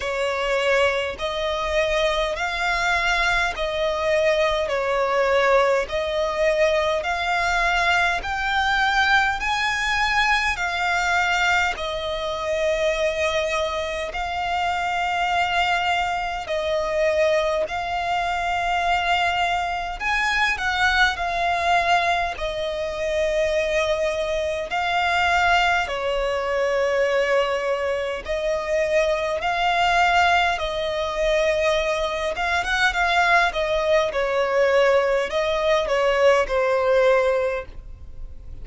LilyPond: \new Staff \with { instrumentName = "violin" } { \time 4/4 \tempo 4 = 51 cis''4 dis''4 f''4 dis''4 | cis''4 dis''4 f''4 g''4 | gis''4 f''4 dis''2 | f''2 dis''4 f''4~ |
f''4 gis''8 fis''8 f''4 dis''4~ | dis''4 f''4 cis''2 | dis''4 f''4 dis''4. f''16 fis''16 | f''8 dis''8 cis''4 dis''8 cis''8 c''4 | }